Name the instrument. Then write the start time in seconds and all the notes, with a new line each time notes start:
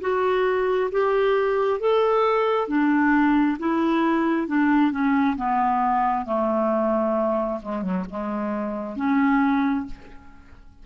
clarinet
0.00 F#4
0.91 G4
1.79 A4
2.67 D4
3.59 E4
4.47 D4
4.91 C#4
5.36 B3
6.25 A3
7.62 G#3
7.82 F#3
8.09 G#3
8.96 C#4